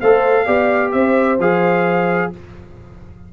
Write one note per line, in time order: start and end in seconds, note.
0.00 0.47 A3
0.00 0.46 A4
0.00 0.45 C5
0.00 0.92 F5
0.45 0.93 B3
0.45 1.38 G4
0.45 0.91 D5
0.92 1.38 C4
0.92 2.32 C5
0.92 1.38 E5
1.38 2.31 F3
1.38 2.32 G#4
1.38 2.33 F5